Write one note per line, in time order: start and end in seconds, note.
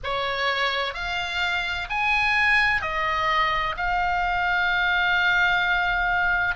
0.03 0.94 C#5
0.94 1.87 F5
1.89 2.81 G#5
2.81 3.75 D#5
3.76 6.55 F5